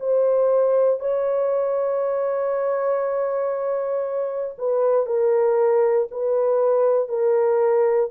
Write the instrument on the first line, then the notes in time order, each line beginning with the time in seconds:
horn
0.00 C5
1.00 C#5
4.58 B4
5.07 A#4
6.11 B4
7.09 A#4